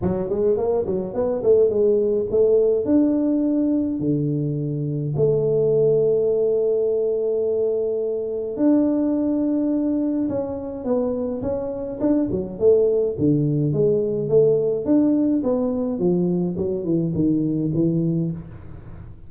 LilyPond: \new Staff \with { instrumentName = "tuba" } { \time 4/4 \tempo 4 = 105 fis8 gis8 ais8 fis8 b8 a8 gis4 | a4 d'2 d4~ | d4 a2.~ | a2. d'4~ |
d'2 cis'4 b4 | cis'4 d'8 fis8 a4 d4 | gis4 a4 d'4 b4 | f4 fis8 e8 dis4 e4 | }